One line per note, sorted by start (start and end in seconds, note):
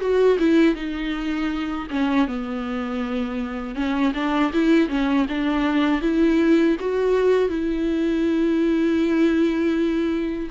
0.00 0.38 F#4
0.39 0.75 E4
0.75 1.87 D#4
1.90 2.27 C#4
2.27 3.75 B3
3.75 4.12 C#4
4.14 4.51 D4
4.53 4.89 E4
4.89 5.26 C#4
5.28 6.01 D4
6.01 6.76 E4
6.79 7.49 F#4
7.49 10.49 E4